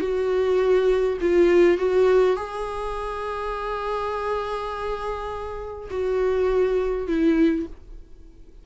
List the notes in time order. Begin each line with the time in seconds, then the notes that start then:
0.00 F#4
1.21 F4
1.77 F#4
2.36 G#4
5.90 F#4
7.07 E4